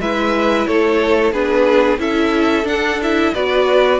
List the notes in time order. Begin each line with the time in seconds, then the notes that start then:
0.00 G#3 E4 B4 E5
0.67 A3 A4 C#5
1.32 B3 D4 G#4 B4
1.98 C#4 E4 A4 E5
2.63 D4 F#5
3.02 E4 E5
3.34 B3 F#4 B4 D5